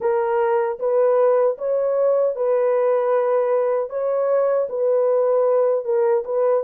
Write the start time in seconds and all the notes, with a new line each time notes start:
0.00 A#4
0.79 B4
1.58 C#5
2.35 B4
3.89 C#5
4.69 B4
5.84 A#4
6.24 B4